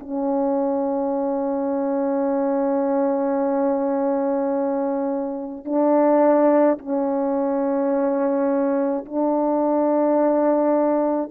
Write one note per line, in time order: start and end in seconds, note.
0.00 5.65 C#4
5.65 6.78 D4
6.79 9.05 C#4
9.05 11.31 D4